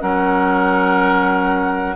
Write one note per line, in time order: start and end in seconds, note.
0.00 1.95 F#3
0.00 1.95 C#4
0.00 1.95 A#4
0.00 1.95 F#5